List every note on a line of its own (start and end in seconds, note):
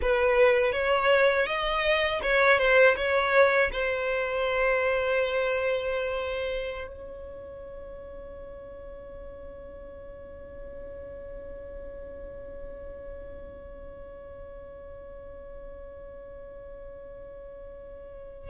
0.01 0.72 B4
0.72 1.46 C#5
1.46 2.20 D#5
2.22 2.58 C#5
2.58 2.95 C5
2.96 3.70 C#5
3.72 6.87 C5
6.87 18.49 C#5